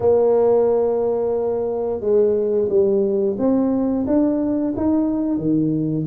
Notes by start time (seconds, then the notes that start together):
0.00 A#3
2.00 G#3
2.68 G3
3.38 C4
4.06 D4
4.76 D#4
5.37 D#3